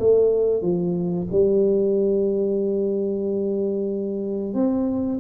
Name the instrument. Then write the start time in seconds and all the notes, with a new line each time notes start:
tuba
0.00 A3
0.62 F3
1.32 G3
4.54 C4